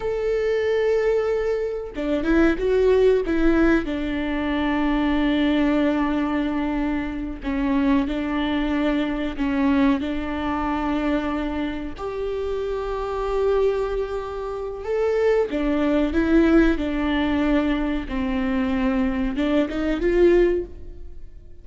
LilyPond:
\new Staff \with { instrumentName = "viola" } { \time 4/4 \tempo 4 = 93 a'2. d'8 e'8 | fis'4 e'4 d'2~ | d'2.~ d'8 cis'8~ | cis'8 d'2 cis'4 d'8~ |
d'2~ d'8 g'4.~ | g'2. a'4 | d'4 e'4 d'2 | c'2 d'8 dis'8 f'4 | }